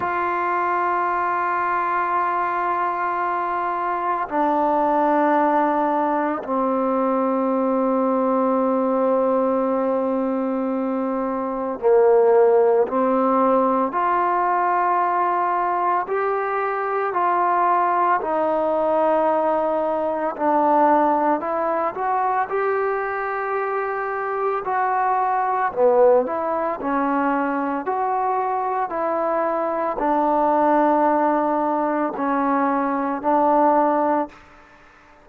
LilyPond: \new Staff \with { instrumentName = "trombone" } { \time 4/4 \tempo 4 = 56 f'1 | d'2 c'2~ | c'2. ais4 | c'4 f'2 g'4 |
f'4 dis'2 d'4 | e'8 fis'8 g'2 fis'4 | b8 e'8 cis'4 fis'4 e'4 | d'2 cis'4 d'4 | }